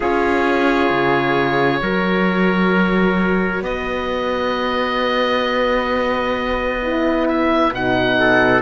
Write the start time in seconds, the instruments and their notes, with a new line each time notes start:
0.00 cello C#4, horn F4, trumpet G#4, oboe C#5
0.90 cello C#3
1.81 cello F#3, horn F#4, trumpet A#4
3.62 cello B3, trumpet B4, oboe D#5
6.82 horn E4
7.28 oboe E5
7.71 cello B2, horn D#4, oboe F#5
8.19 trumpet A4